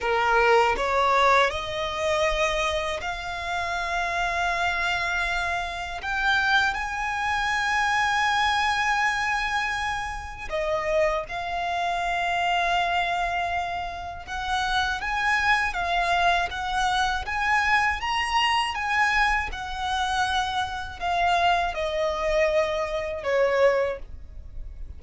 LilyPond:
\new Staff \with { instrumentName = "violin" } { \time 4/4 \tempo 4 = 80 ais'4 cis''4 dis''2 | f''1 | g''4 gis''2.~ | gis''2 dis''4 f''4~ |
f''2. fis''4 | gis''4 f''4 fis''4 gis''4 | ais''4 gis''4 fis''2 | f''4 dis''2 cis''4 | }